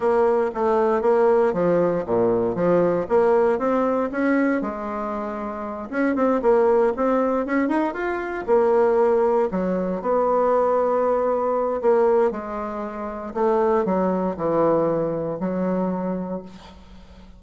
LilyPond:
\new Staff \with { instrumentName = "bassoon" } { \time 4/4 \tempo 4 = 117 ais4 a4 ais4 f4 | ais,4 f4 ais4 c'4 | cis'4 gis2~ gis8 cis'8 | c'8 ais4 c'4 cis'8 dis'8 f'8~ |
f'8 ais2 fis4 b8~ | b2. ais4 | gis2 a4 fis4 | e2 fis2 | }